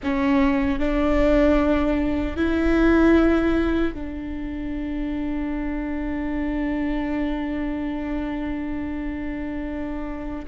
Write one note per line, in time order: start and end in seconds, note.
0.03 0.79 C#4
0.79 2.36 D4
2.36 3.94 E4
3.94 10.45 D4